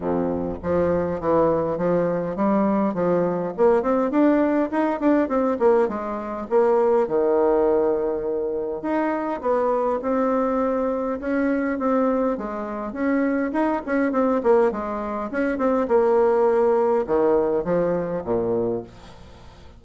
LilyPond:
\new Staff \with { instrumentName = "bassoon" } { \time 4/4 \tempo 4 = 102 f,4 f4 e4 f4 | g4 f4 ais8 c'8 d'4 | dis'8 d'8 c'8 ais8 gis4 ais4 | dis2. dis'4 |
b4 c'2 cis'4 | c'4 gis4 cis'4 dis'8 cis'8 | c'8 ais8 gis4 cis'8 c'8 ais4~ | ais4 dis4 f4 ais,4 | }